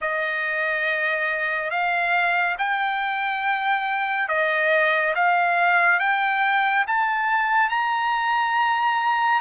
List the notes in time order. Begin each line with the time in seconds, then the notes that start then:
0.01 D#5
1.70 F5
2.58 G5
4.28 D#5
5.15 F5
5.99 G5
6.86 A5
7.69 A#5